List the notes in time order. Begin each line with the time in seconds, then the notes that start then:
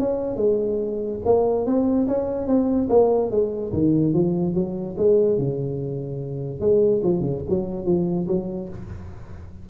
0.00 C#4
0.37 G#3
1.25 A#3
1.66 C4
2.08 C#4
2.47 C4
2.89 A#3
3.31 G#3
3.73 D#3
4.14 F3
4.55 F#3
4.98 G#3
5.38 C#3
6.61 G#3
7.04 F3
7.21 C#3
7.50 F#3
7.85 F3
8.28 F#3